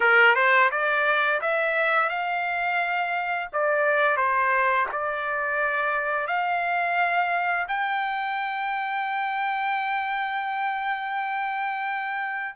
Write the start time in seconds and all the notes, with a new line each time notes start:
0.00 A#4
0.35 C5
0.71 D5
1.41 E5
2.09 F5
3.52 D5
4.16 C5
4.92 D5
6.27 F5
7.68 G5